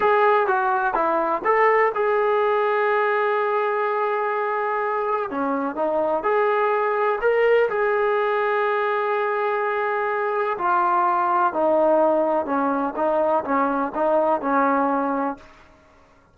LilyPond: \new Staff \with { instrumentName = "trombone" } { \time 4/4 \tempo 4 = 125 gis'4 fis'4 e'4 a'4 | gis'1~ | gis'2. cis'4 | dis'4 gis'2 ais'4 |
gis'1~ | gis'2 f'2 | dis'2 cis'4 dis'4 | cis'4 dis'4 cis'2 | }